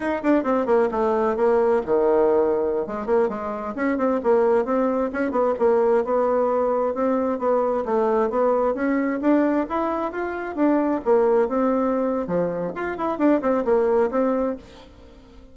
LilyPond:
\new Staff \with { instrumentName = "bassoon" } { \time 4/4 \tempo 4 = 132 dis'8 d'8 c'8 ais8 a4 ais4 | dis2~ dis16 gis8 ais8 gis8.~ | gis16 cis'8 c'8 ais4 c'4 cis'8 b16~ | b16 ais4 b2 c'8.~ |
c'16 b4 a4 b4 cis'8.~ | cis'16 d'4 e'4 f'4 d'8.~ | d'16 ais4 c'4.~ c'16 f4 | f'8 e'8 d'8 c'8 ais4 c'4 | }